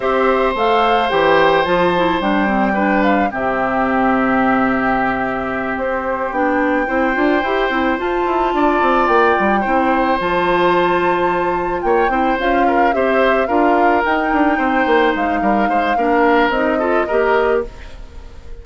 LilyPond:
<<
  \new Staff \with { instrumentName = "flute" } { \time 4/4 \tempo 4 = 109 e''4 f''4 g''4 a''4 | g''4. f''8 e''2~ | e''2~ e''8 c''4 g''8~ | g''2~ g''8 a''4.~ |
a''8 g''2 a''4.~ | a''4. g''4 f''4 e''8~ | e''8 f''4 g''2 f''8~ | f''2 dis''2 | }
  \new Staff \with { instrumentName = "oboe" } { \time 4/4 c''1~ | c''4 b'4 g'2~ | g'1~ | g'8 c''2. d''8~ |
d''4. c''2~ c''8~ | c''4. cis''8 c''4 ais'8 c''8~ | c''8 ais'2 c''4. | ais'8 c''8 ais'4. a'8 ais'4 | }
  \new Staff \with { instrumentName = "clarinet" } { \time 4/4 g'4 a'4 g'4 f'8 e'8 | d'8 c'8 d'4 c'2~ | c'2.~ c'8 d'8~ | d'8 e'8 f'8 g'8 e'8 f'4.~ |
f'4. e'4 f'4.~ | f'2 e'8 f'4 g'8~ | g'8 f'4 dis'2~ dis'8~ | dis'4 d'4 dis'8 f'8 g'4 | }
  \new Staff \with { instrumentName = "bassoon" } { \time 4/4 c'4 a4 e4 f4 | g2 c2~ | c2~ c8 c'4 b8~ | b8 c'8 d'8 e'8 c'8 f'8 e'8 d'8 |
c'8 ais8 g8 c'4 f4.~ | f4. ais8 c'8 cis'4 c'8~ | c'8 d'4 dis'8 d'8 c'8 ais8 gis8 | g8 gis8 ais4 c'4 ais4 | }
>>